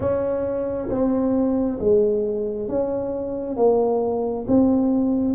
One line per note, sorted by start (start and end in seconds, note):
0.00 0.88 C#4
0.89 1.79 C4
1.79 2.68 G#3
2.68 3.56 C#4
3.56 4.45 A#3
4.47 5.34 C4